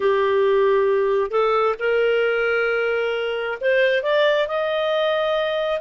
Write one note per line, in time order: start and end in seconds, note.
0.00 1.30 G4
1.30 1.75 A4
1.79 3.58 A#4
3.60 4.03 C5
4.03 4.47 D5
4.47 5.80 D#5